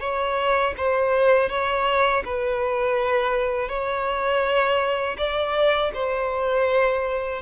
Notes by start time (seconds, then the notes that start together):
0.00 C#5
0.77 C5
1.49 C#5
2.25 B4
3.69 C#5
5.18 D5
5.94 C5